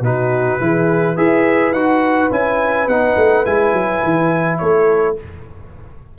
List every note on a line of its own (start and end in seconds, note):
0.00 0.57 B2
0.00 0.60 D#4
0.00 0.61 F#4
0.00 1.17 B4
0.60 1.17 E3
0.60 1.16 E4
0.60 1.15 G#4
1.15 1.71 E4
1.15 1.73 G#4
1.15 4.58 B4
1.15 1.72 E5
1.71 2.28 D#4
1.71 2.31 F#4
1.71 2.30 F#5
2.31 2.87 C#4
2.31 2.88 E4
2.31 2.88 G#5
2.87 3.16 B3
2.87 3.45 D#4
2.87 3.45 F#5
3.16 3.45 A3
3.45 3.72 G#3
3.45 5.16 E4
3.45 4.58 G#5
3.72 4.01 F#3
4.03 4.60 E3
4.58 5.18 A3
4.58 5.18 A4
4.58 5.15 C#5